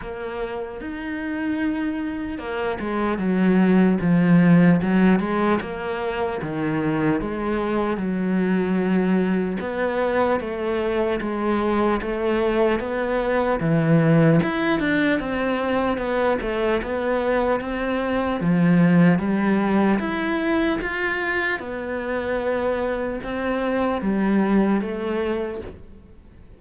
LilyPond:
\new Staff \with { instrumentName = "cello" } { \time 4/4 \tempo 4 = 75 ais4 dis'2 ais8 gis8 | fis4 f4 fis8 gis8 ais4 | dis4 gis4 fis2 | b4 a4 gis4 a4 |
b4 e4 e'8 d'8 c'4 | b8 a8 b4 c'4 f4 | g4 e'4 f'4 b4~ | b4 c'4 g4 a4 | }